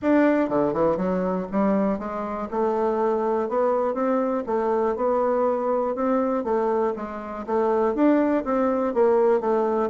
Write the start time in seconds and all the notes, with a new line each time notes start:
0.02 D4
0.49 D3
0.73 E3
0.96 F#3
1.51 G3
1.98 G#3
2.50 A3
3.48 B3
3.94 C4
4.46 A3
4.96 B3
5.95 C4
6.43 A3
6.96 G#3
7.46 A3
7.94 D4
8.44 C4
8.94 A#3
9.40 A3